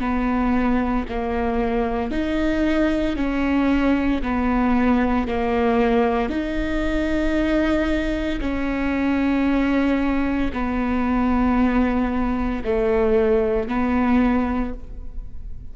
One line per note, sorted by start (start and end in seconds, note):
0.00 1.05 B3
1.09 2.11 A#3
2.11 3.16 D#4
3.16 4.22 C#4
4.22 5.27 B3
5.27 6.29 A#3
6.29 8.40 D#4
8.40 10.51 C#4
10.53 12.63 B3
12.64 13.68 A3
13.68 14.74 B3